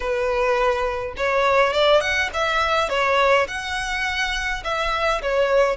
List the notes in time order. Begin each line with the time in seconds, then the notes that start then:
0.00 B4
1.17 C#5
1.73 D5
2.00 F#5
2.33 E5
2.89 C#5
3.47 F#5
4.63 E5
5.22 C#5